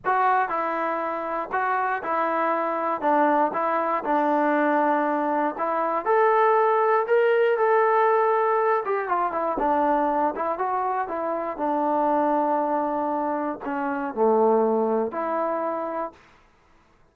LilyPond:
\new Staff \with { instrumentName = "trombone" } { \time 4/4 \tempo 4 = 119 fis'4 e'2 fis'4 | e'2 d'4 e'4 | d'2. e'4 | a'2 ais'4 a'4~ |
a'4. g'8 f'8 e'8 d'4~ | d'8 e'8 fis'4 e'4 d'4~ | d'2. cis'4 | a2 e'2 | }